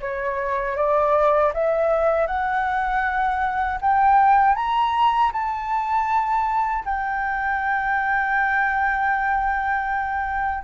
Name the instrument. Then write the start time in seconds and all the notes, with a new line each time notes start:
flute
0.00 C#5
0.76 D5
1.53 E5
2.27 F#5
3.81 G5
4.56 A#5
5.32 A5
6.85 G5